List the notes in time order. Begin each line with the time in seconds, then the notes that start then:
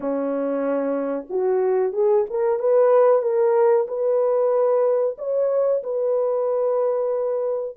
0.00 C#4
1.29 F#4
1.92 G#4
2.29 A#4
2.59 B4
3.22 A#4
3.87 B4
5.18 C#5
5.83 B4